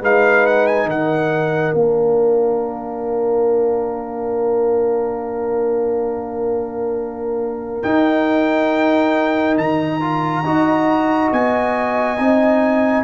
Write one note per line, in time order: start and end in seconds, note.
0.00 0.85 G#3
0.00 1.76 D#4
0.00 0.87 B4
0.00 0.46 F5
0.46 0.67 F#5
0.67 0.88 G#5
0.85 1.72 D#3
0.85 10.44 A#4
0.85 1.74 F#5
1.74 7.83 A#3
1.74 7.83 D4
1.74 7.83 F5
7.83 10.00 D#4
7.83 9.58 D#4
7.83 9.57 G5
9.57 10.43 D#3
9.57 11.31 A#5
10.00 10.44 F4
10.43 11.30 D#4
10.43 12.18 F#4
10.43 13.03 D#5
11.32 12.19 B3
11.32 13.03 G#5
12.18 13.03 C4
12.18 13.03 D#4